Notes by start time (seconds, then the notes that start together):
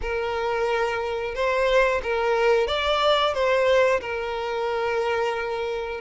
0.01 A#4
1.34 C5
2.02 A#4
2.67 D5
3.33 C5
4.01 A#4